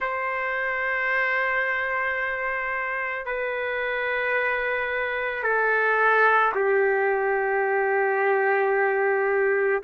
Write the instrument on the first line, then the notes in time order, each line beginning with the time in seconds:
trumpet
0.00 C5
3.25 B4
5.43 A4
6.55 G4